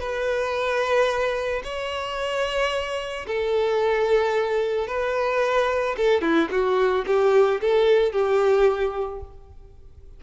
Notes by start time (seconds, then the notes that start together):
0.00 B4
1.64 C#5
3.27 A4
4.87 B4
5.97 A4
6.22 E4
6.51 F#4
7.07 G4
7.61 A4
8.12 G4